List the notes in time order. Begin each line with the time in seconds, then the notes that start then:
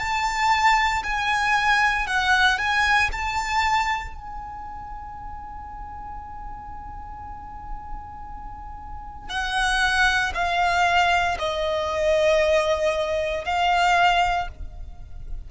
0.00 A5
1.04 G#5
2.07 F#5
2.59 G#5
3.13 A5
4.15 G#5
9.30 F#5
10.35 F5
11.39 D#5
13.45 F5